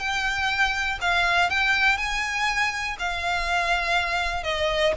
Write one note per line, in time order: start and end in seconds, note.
0.00 0.99 G5
1.01 1.50 F5
1.50 1.98 G5
1.98 2.97 G#5
2.99 4.44 F5
4.44 4.93 D#5